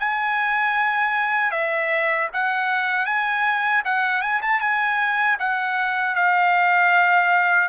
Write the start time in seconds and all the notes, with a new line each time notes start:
0.00 G#5
1.52 E5
2.34 F#5
3.06 G#5
3.85 F#5
4.22 G#5
4.42 A5
4.61 G#5
5.40 F#5
6.16 F5